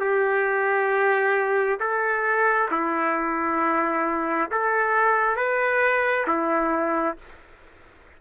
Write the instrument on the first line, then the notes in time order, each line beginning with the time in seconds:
trumpet
0.00 G4
1.80 A4
2.71 E4
4.51 A4
5.36 B4
6.27 E4